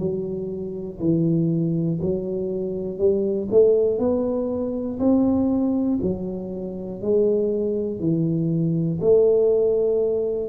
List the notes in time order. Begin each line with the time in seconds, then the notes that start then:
0.00 F#3
1.00 E3
2.02 F#3
2.99 G3
3.52 A3
4.00 B3
5.00 C4
6.03 F#3
7.02 G#3
8.00 E3
9.01 A3